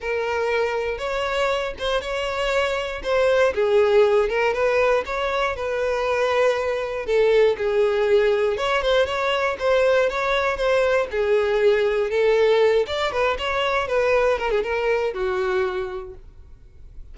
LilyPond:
\new Staff \with { instrumentName = "violin" } { \time 4/4 \tempo 4 = 119 ais'2 cis''4. c''8 | cis''2 c''4 gis'4~ | gis'8 ais'8 b'4 cis''4 b'4~ | b'2 a'4 gis'4~ |
gis'4 cis''8 c''8 cis''4 c''4 | cis''4 c''4 gis'2 | a'4. d''8 b'8 cis''4 b'8~ | b'8 ais'16 gis'16 ais'4 fis'2 | }